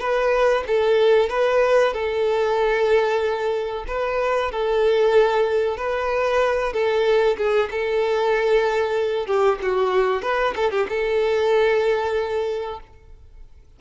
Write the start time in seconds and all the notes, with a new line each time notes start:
0.00 B4
0.67 A4
1.29 B4
1.93 A4
3.87 B4
4.51 A4
5.77 B4
6.73 A4
7.37 G#4
7.71 A4
9.27 G4
9.62 F#4
10.22 B4
10.56 A4
10.71 G4
10.89 A4